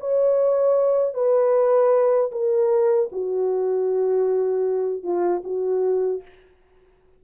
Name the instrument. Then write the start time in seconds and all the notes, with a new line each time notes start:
horn
0.00 C#5
1.14 B4
2.31 A#4
3.12 F#4
5.03 F4
5.44 F#4